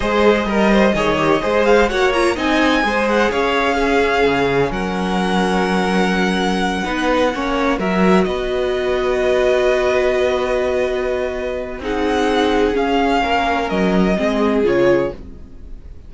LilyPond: <<
  \new Staff \with { instrumentName = "violin" } { \time 4/4 \tempo 4 = 127 dis''2.~ dis''8 f''8 | fis''8 ais''8 gis''4. fis''8 f''4~ | f''2 fis''2~ | fis''1~ |
fis''8 e''4 dis''2~ dis''8~ | dis''1~ | dis''4 fis''2 f''4~ | f''4 dis''2 cis''4 | }
  \new Staff \with { instrumentName = "violin" } { \time 4/4 c''4 ais'8 c''8 cis''4 c''4 | cis''4 dis''4 c''4 cis''4 | gis'2 ais'2~ | ais'2~ ais'8 b'4 cis''8~ |
cis''8 ais'4 b'2~ b'8~ | b'1~ | b'4 gis'2. | ais'2 gis'2 | }
  \new Staff \with { instrumentName = "viola" } { \time 4/4 gis'4 ais'4 gis'8 g'8 gis'4 | fis'8 f'8 dis'4 gis'2 | cis'1~ | cis'2~ cis'8 dis'4 cis'8~ |
cis'8 fis'2.~ fis'8~ | fis'1~ | fis'4 dis'2 cis'4~ | cis'2 c'4 f'4 | }
  \new Staff \with { instrumentName = "cello" } { \time 4/4 gis4 g4 dis4 gis4 | ais4 c'4 gis4 cis'4~ | cis'4 cis4 fis2~ | fis2~ fis8 b4 ais8~ |
ais8 fis4 b2~ b8~ | b1~ | b4 c'2 cis'4 | ais4 fis4 gis4 cis4 | }
>>